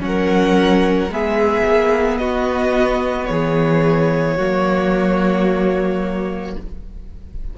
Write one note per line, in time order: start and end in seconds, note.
0.00 1.08 F#3
0.00 1.09 C#4
0.00 1.13 F#5
0.07 1.13 A#4
1.08 1.63 G#3
1.08 4.39 B3
1.08 2.21 G#4
1.08 2.18 E5
1.66 2.19 A#3
2.18 3.28 B3
2.18 3.30 F#4
2.18 3.27 D#5
3.27 4.38 E3
3.27 4.36 G#4
3.27 6.54 C#5
4.36 6.57 F#3
4.36 6.58 A#3
4.36 6.54 F#4